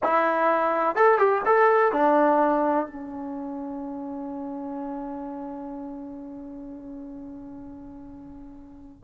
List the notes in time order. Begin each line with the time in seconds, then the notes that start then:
0.03 E4
0.95 A4
1.18 G4
1.45 A4
1.92 D4
2.86 C#4